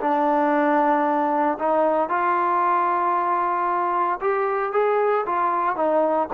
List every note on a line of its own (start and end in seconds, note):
0.00 1.58 D4
1.59 2.09 D#4
2.09 4.19 F4
4.21 4.72 G4
4.72 5.25 G#4
5.26 5.76 F4
5.76 6.28 D#4